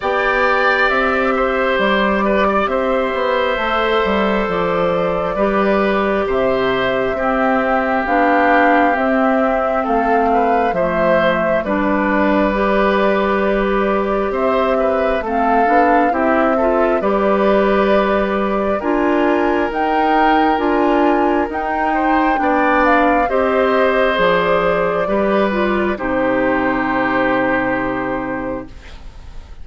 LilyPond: <<
  \new Staff \with { instrumentName = "flute" } { \time 4/4 \tempo 4 = 67 g''4 e''4 d''4 e''4~ | e''4 d''2 e''4~ | e''4 f''4 e''4 f''4 | e''4 d''2. |
e''4 f''4 e''4 d''4~ | d''4 gis''4 g''4 gis''4 | g''4. f''8 dis''4 d''4~ | d''4 c''2. | }
  \new Staff \with { instrumentName = "oboe" } { \time 4/4 d''4. c''4 b'16 d''16 c''4~ | c''2 b'4 c''4 | g'2. a'8 b'8 | c''4 b'2. |
c''8 b'8 a'4 g'8 a'8 b'4~ | b'4 ais'2.~ | ais'8 c''8 d''4 c''2 | b'4 g'2. | }
  \new Staff \with { instrumentName = "clarinet" } { \time 4/4 g'1 | a'2 g'2 | c'4 d'4 c'2 | a4 d'4 g'2~ |
g'4 c'8 d'8 e'8 f'8 g'4~ | g'4 f'4 dis'4 f'4 | dis'4 d'4 g'4 gis'4 | g'8 f'8 dis'2. | }
  \new Staff \with { instrumentName = "bassoon" } { \time 4/4 b4 c'4 g4 c'8 b8 | a8 g8 f4 g4 c4 | c'4 b4 c'4 a4 | f4 g2. |
c'4 a8 b8 c'4 g4~ | g4 d'4 dis'4 d'4 | dis'4 b4 c'4 f4 | g4 c2. | }
>>